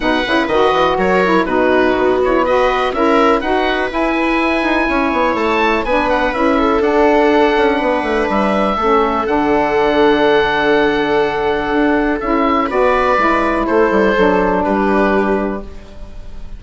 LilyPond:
<<
  \new Staff \with { instrumentName = "oboe" } { \time 4/4 \tempo 4 = 123 fis''4 dis''4 cis''4 b'4~ | b'8 cis''8 dis''4 e''4 fis''4 | gis''2. a''4 | gis''8 fis''8 e''4 fis''2~ |
fis''4 e''2 fis''4~ | fis''1~ | fis''4 e''4 d''2 | c''2 b'2 | }
  \new Staff \with { instrumentName = "viola" } { \time 4/4 b'2 ais'4 fis'4~ | fis'4 b'4 ais'4 b'4~ | b'2 cis''2 | b'4. a'2~ a'8 |
b'2 a'2~ | a'1~ | a'2 b'2 | a'2 g'2 | }
  \new Staff \with { instrumentName = "saxophone" } { \time 4/4 dis'8 e'8 fis'4. e'8 dis'4~ | dis'8 e'8 fis'4 e'4 fis'4 | e'1 | d'4 e'4 d'2~ |
d'2 cis'4 d'4~ | d'1~ | d'4 e'4 fis'4 e'4~ | e'4 d'2. | }
  \new Staff \with { instrumentName = "bassoon" } { \time 4/4 b,8 cis8 dis8 e8 fis4 b,4 | b2 cis'4 dis'4 | e'4. dis'8 cis'8 b8 a4 | b4 cis'4 d'4. cis'8 |
b8 a8 g4 a4 d4~ | d1 | d'4 cis'4 b4 gis4 | a8 g8 fis4 g2 | }
>>